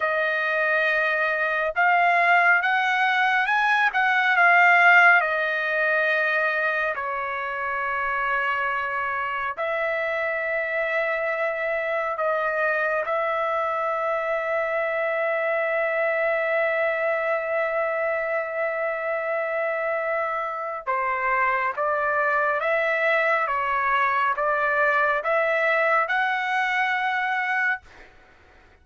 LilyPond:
\new Staff \with { instrumentName = "trumpet" } { \time 4/4 \tempo 4 = 69 dis''2 f''4 fis''4 | gis''8 fis''8 f''4 dis''2 | cis''2. e''4~ | e''2 dis''4 e''4~ |
e''1~ | e''1 | c''4 d''4 e''4 cis''4 | d''4 e''4 fis''2 | }